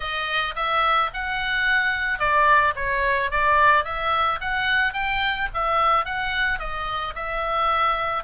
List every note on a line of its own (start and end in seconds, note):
0.00 0.54 D#5
0.55 1.10 E5
1.13 2.19 F#5
2.19 2.74 D5
2.75 3.30 C#5
3.30 3.84 D5
3.84 4.39 E5
4.40 4.93 F#5
4.93 5.48 G5
5.54 6.05 E5
6.05 6.59 F#5
6.59 7.14 D#5
7.15 8.23 E5